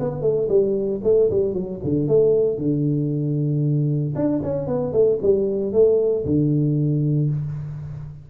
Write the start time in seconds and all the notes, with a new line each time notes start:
0.00 B3
0.22 A3
0.49 G3
1.04 A3
1.30 G3
1.54 F#3
1.84 D3
2.08 A3
2.58 D3
4.15 D4
4.43 C#4
4.67 B3
4.93 A3
5.22 G3
5.73 A3
6.26 D3